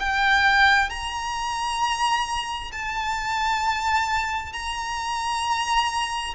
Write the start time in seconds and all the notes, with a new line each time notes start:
0.00 G5
0.90 A#5
2.72 A5
4.53 A#5